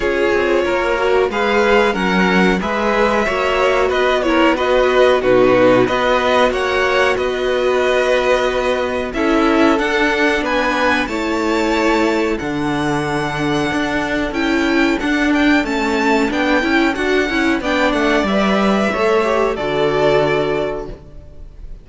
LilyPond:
<<
  \new Staff \with { instrumentName = "violin" } { \time 4/4 \tempo 4 = 92 cis''2 f''4 fis''4 | e''2 dis''8 cis''8 dis''4 | b'4 dis''4 fis''4 dis''4~ | dis''2 e''4 fis''4 |
gis''4 a''2 fis''4~ | fis''2 g''4 fis''8 g''8 | a''4 g''4 fis''4 g''8 fis''8 | e''2 d''2 | }
  \new Staff \with { instrumentName = "violin" } { \time 4/4 gis'4 ais'4 b'4 ais'4 | b'4 cis''4 b'8 ais'8 b'4 | fis'4 b'4 cis''4 b'4~ | b'2 a'2 |
b'4 cis''2 a'4~ | a'1~ | a'2. d''4~ | d''4 cis''4 a'2 | }
  \new Staff \with { instrumentName = "viola" } { \time 4/4 f'4. fis'8 gis'4 cis'4 | gis'4 fis'4. e'8 fis'4 | dis'4 fis'2.~ | fis'2 e'4 d'4~ |
d'4 e'2 d'4~ | d'2 e'4 d'4 | cis'4 d'8 e'8 fis'8 e'8 d'4 | b'4 a'8 g'8 fis'2 | }
  \new Staff \with { instrumentName = "cello" } { \time 4/4 cis'8 c'8 ais4 gis4 fis4 | gis4 ais4 b2 | b,4 b4 ais4 b4~ | b2 cis'4 d'4 |
b4 a2 d4~ | d4 d'4 cis'4 d'4 | a4 b8 cis'8 d'8 cis'8 b8 a8 | g4 a4 d2 | }
>>